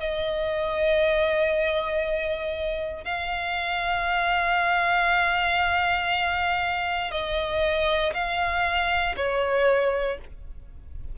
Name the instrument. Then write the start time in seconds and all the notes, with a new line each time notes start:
violin
0.00 D#5
3.05 F5
7.12 D#5
8.14 F5
9.17 C#5